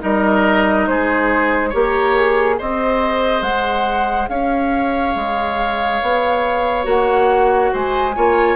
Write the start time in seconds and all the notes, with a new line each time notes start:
0.00 G3 D#4 A#4 D#5
0.87 G#3 G#4 C5
1.70 A#3 G4 A#4 C#5
2.17 G#4
2.57 C4 G#4 C5 D#5
3.42 G#3 F#5
4.29 C#4 C#5 F5
5.16 G#3
6.02 B3
6.84 A#3 F#4 F#5
7.73 G#3 C5 G#5
8.16 A#3 F4 C#5